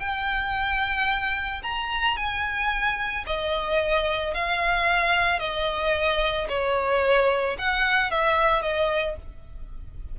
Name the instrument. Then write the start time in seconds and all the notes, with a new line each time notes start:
violin
0.00 G5
1.63 A#5
2.17 G#5
3.27 D#5
4.34 F5
5.40 D#5
6.49 C#5
7.59 F#5
8.11 E5
8.62 D#5